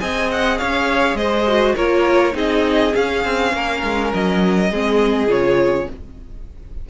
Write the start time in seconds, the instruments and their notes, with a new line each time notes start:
0.00 cello C4, viola G#4, violin D#5 G#5
0.31 violin F#5
0.58 cello C#4, violin C#5 F5
1.14 cello G#3, violin C5 D#5
1.47 viola F#4
1.75 cello A#3, viola F4, violin A#4 C#5
2.32 cello C4, viola D#4, violin G#4 D#5
2.93 viola C#4, cello C#4, violin F5
3.24 cello C4
3.53 cello A#3, violin A#4
3.83 cello G#3
4.13 cello F#3, violin D#5
4.70 cello G#3, viola C4, violin G#4
5.27 cello C#3, viola F4, violin C#5